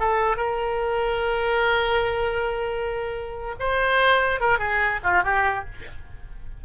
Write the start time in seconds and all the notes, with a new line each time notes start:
0.00 A4
0.37 A#4
3.60 C5
4.41 A#4
4.59 G#4
5.04 F4
5.24 G4